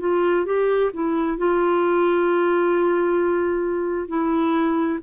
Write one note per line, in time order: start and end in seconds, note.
0.00 0.45 F4
0.45 0.91 G4
0.93 1.38 E4
1.38 4.08 F4
4.08 4.99 E4